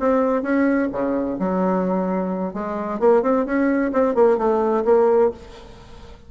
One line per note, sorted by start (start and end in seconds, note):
0.00 0.43 C4
0.43 0.89 C#4
0.92 1.38 C#3
1.40 2.54 F#3
2.54 3.00 G#3
3.00 3.23 A#3
3.23 3.46 C4
3.46 3.92 C#4
3.93 4.15 C4
4.15 4.38 A#3
4.38 4.84 A3
4.85 5.31 A#3